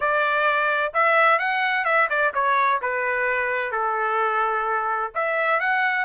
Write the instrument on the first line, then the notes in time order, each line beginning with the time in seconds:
trumpet
0.00 D5
0.93 E5
1.38 F#5
1.84 E5
2.09 D5
2.34 C#5
2.81 B4
3.71 A4
5.14 E5
5.60 F#5